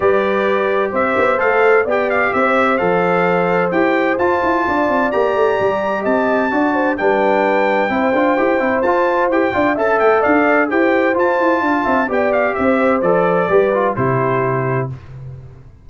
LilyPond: <<
  \new Staff \with { instrumentName = "trumpet" } { \time 4/4 \tempo 4 = 129 d''2 e''4 f''4 | g''8 f''8 e''4 f''2 | g''4 a''2 ais''4~ | ais''4 a''2 g''4~ |
g''2. a''4 | g''4 a''8 g''8 f''4 g''4 | a''2 g''8 f''8 e''4 | d''2 c''2 | }
  \new Staff \with { instrumentName = "horn" } { \time 4/4 b'2 c''2 | d''4 c''2.~ | c''2 d''2~ | d''4 dis''4 d''8 c''8 b'4~ |
b'4 c''2.~ | c''8 d''8 e''4 d''4 c''4~ | c''4 f''8 e''8 d''4 c''4~ | c''4 b'4 g'2 | }
  \new Staff \with { instrumentName = "trombone" } { \time 4/4 g'2. a'4 | g'2 a'2 | g'4 f'2 g'4~ | g'2 fis'4 d'4~ |
d'4 e'8 f'8 g'8 e'8 f'4 | g'8 f'8 a'2 g'4 | f'2 g'2 | a'4 g'8 f'8 e'2 | }
  \new Staff \with { instrumentName = "tuba" } { \time 4/4 g2 c'8 b8 a4 | b4 c'4 f2 | e'4 f'8 e'8 d'8 c'8 ais8 a8 | g4 c'4 d'4 g4~ |
g4 c'8 d'8 e'8 c'8 f'4 | e'8 d'8 cis'8 a8 d'4 e'4 | f'8 e'8 d'8 c'8 b4 c'4 | f4 g4 c2 | }
>>